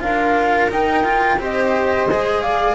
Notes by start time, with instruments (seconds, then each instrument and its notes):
0.00 double bass D4, cello F4, viola A#4, flute F5
0.69 cello D#4, double bass D#4, flute G5
1.04 cello F4
1.37 double bass C4, cello G4, viola C5, flute D#5
2.08 double bass G#3, cello G#4
2.41 viola D5, flute F5